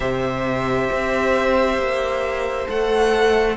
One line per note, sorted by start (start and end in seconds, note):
0.00 0.89 C3
0.00 2.66 G4
0.00 3.57 C5
0.00 2.67 E5
0.91 1.77 C4
1.77 2.67 A#3
2.66 3.57 A3
2.66 3.55 A4
2.66 3.57 F#5